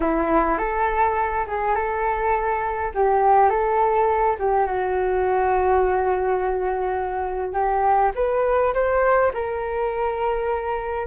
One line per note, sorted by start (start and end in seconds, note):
0.00 0.58 E4
0.58 1.45 A4
1.47 1.75 G#4
1.75 2.91 A4
2.94 3.49 G4
3.49 4.36 A4
4.39 4.66 G4
4.66 7.53 F#4
7.53 8.11 G4
8.15 8.73 B4
8.74 9.32 C5
9.33 11.07 A#4